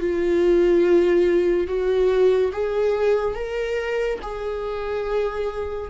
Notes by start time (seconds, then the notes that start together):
0.00 F4
1.67 F#4
2.52 G#4
3.35 A#4
4.22 G#4